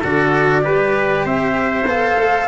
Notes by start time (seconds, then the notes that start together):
0.00 D3 F#4 A4 D5
0.62 G3 G4 B4
1.25 C4 C5 E5
1.86 B3 A4 F5
2.17 A3